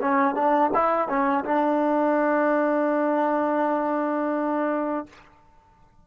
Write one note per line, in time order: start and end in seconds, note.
0.00 0.35 C#4
0.35 0.71 D4
0.74 1.08 E4
1.08 1.45 C#4
1.45 5.06 D4